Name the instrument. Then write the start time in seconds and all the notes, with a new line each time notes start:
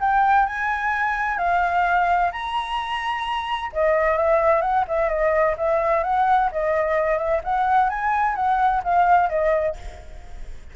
flute
0.00 G5
0.46 G#5
1.38 F5
2.32 A#5
3.73 D#5
4.18 E5
4.62 F#5
4.88 E5
5.09 D#5
5.57 E5
6.04 F#5
6.52 D#5
7.18 E5
7.44 F#5
7.89 G#5
8.36 F#5
8.84 F5
9.29 D#5